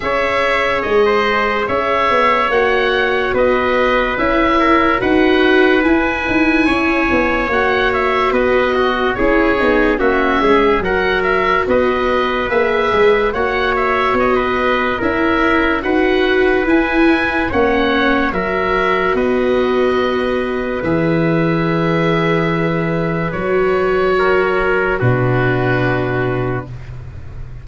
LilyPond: <<
  \new Staff \with { instrumentName = "oboe" } { \time 4/4 \tempo 4 = 72 e''4 dis''4 e''4 fis''4 | dis''4 e''4 fis''4 gis''4~ | gis''4 fis''8 e''8 dis''4 cis''4 | e''4 fis''8 e''8 dis''4 e''4 |
fis''8 e''8 dis''4 e''4 fis''4 | gis''4 fis''4 e''4 dis''4~ | dis''4 e''2. | cis''2 b'2 | }
  \new Staff \with { instrumentName = "trumpet" } { \time 4/4 cis''4~ cis''16 c''8. cis''2 | b'4. ais'8 b'2 | cis''2 b'8 fis'8 gis'4 | fis'8 gis'8 ais'4 b'2 |
cis''4~ cis''16 b'8. ais'4 b'4~ | b'4 cis''4 ais'4 b'4~ | b'1~ | b'4 ais'4 fis'2 | }
  \new Staff \with { instrumentName = "viola" } { \time 4/4 gis'2. fis'4~ | fis'4 e'4 fis'4 e'4~ | e'4 fis'2 e'8 dis'8 | cis'4 fis'2 gis'4 |
fis'2 e'4 fis'4 | e'4 cis'4 fis'2~ | fis'4 gis'2. | fis'2 d'2 | }
  \new Staff \with { instrumentName = "tuba" } { \time 4/4 cis'4 gis4 cis'8 b8 ais4 | b4 cis'4 dis'4 e'8 dis'8 | cis'8 b8 ais4 b4 cis'8 b8 | ais8 gis8 fis4 b4 ais8 gis8 |
ais4 b4 cis'4 dis'4 | e'4 ais4 fis4 b4~ | b4 e2. | fis2 b,2 | }
>>